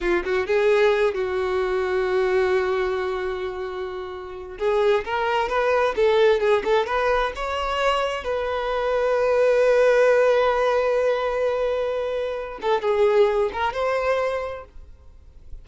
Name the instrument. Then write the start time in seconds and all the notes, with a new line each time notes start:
violin
0.00 F4
0.24 F#4
0.46 G#4
1.14 F#4
4.58 G#4
5.04 A#4
5.49 B4
5.96 A4
6.40 G#4
6.64 A4
6.86 B4
7.35 C#5
8.24 B4
12.61 A4
12.81 G#4
13.52 A#4
13.73 C5